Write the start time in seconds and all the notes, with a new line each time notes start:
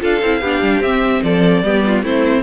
0.00 D4 F4 A4 F5
0.22 C4 E4
0.41 B3 D4 G4
0.62 G3
0.80 C4 E5
1.23 F3 A4 D5
1.63 G3 B3 G4
1.87 F4
2.02 A3 C4 E4 C5